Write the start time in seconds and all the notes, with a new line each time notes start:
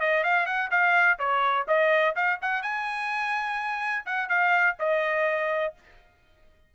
0.00 D#5
0.24 F5
0.46 F#5
0.71 F5
1.19 C#5
1.68 D#5
2.15 F5
2.41 F#5
2.62 G#5
4.05 F#5
4.29 F5
4.79 D#5